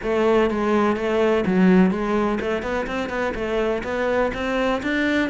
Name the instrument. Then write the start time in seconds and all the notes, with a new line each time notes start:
cello
0.02 A3
0.50 G#3
0.96 A3
1.45 F#3
1.90 G#3
2.40 A3
2.62 B3
2.86 C4
3.09 B3
3.35 A3
3.83 B3
4.33 C4
4.82 D4